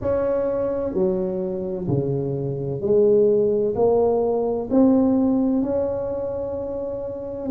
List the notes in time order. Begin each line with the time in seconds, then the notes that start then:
0.01 C#4
0.93 F#3
1.87 C#3
2.80 G#3
3.75 A#3
4.70 C4
5.62 C#4